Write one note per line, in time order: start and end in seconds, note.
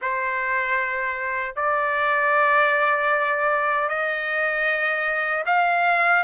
0.01 1.55 C5
1.55 3.88 D5
3.88 5.44 D#5
5.45 6.23 F5